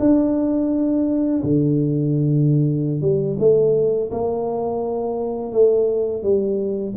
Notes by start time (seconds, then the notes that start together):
0.00 D4
1.44 D3
3.01 G3
3.39 A3
4.11 A#3
5.53 A3
6.23 G3